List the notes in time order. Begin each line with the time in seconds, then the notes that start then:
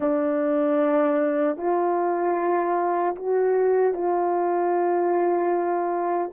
0.00 D4
1.57 F4
3.15 F#4
3.94 F4